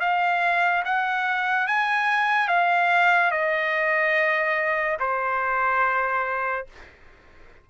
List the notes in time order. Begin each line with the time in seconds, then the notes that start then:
0.00 F5
0.85 F#5
1.67 G#5
2.48 F5
3.31 D#5
5.00 C5